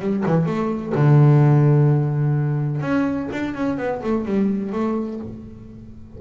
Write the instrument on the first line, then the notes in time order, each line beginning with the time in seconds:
double bass
0.00 G3
0.26 E3
0.46 A3
0.94 D3
2.81 C#4
3.32 D4
3.54 C#4
3.78 B3
4.03 A3
4.25 G3
4.72 A3